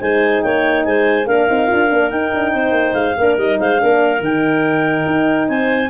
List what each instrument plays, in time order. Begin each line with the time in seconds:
0.00 tuba G#3, horn D#4, clarinet C5 G#5
0.42 tuba A#3, clarinet C#5 G5
0.85 tuba G#3, clarinet C5 G#5
1.26 tuba A#3, horn D4, clarinet A#4 F5
1.48 tuba C4, horn D#4
1.67 tuba D4, horn F4
1.90 tuba A#3, horn D4
2.10 horn D#4, tuba D#4, clarinet G5
2.33 tuba D4
2.52 tuba C4, clarinet C5
2.72 tuba A#3
2.93 tuba G#3, clarinet F5
3.18 tuba A#3, horn D4, clarinet A#4
3.37 tuba G3, horn D#4, clarinet D#5
3.59 tuba G#3, clarinet C5 F5
3.78 tuba A#3, horn D4, clarinet A#4
4.20 tuba D#3, horn D#4, clarinet G5
5.06 tuba D#4
5.48 tuba C4, clarinet C5 G#5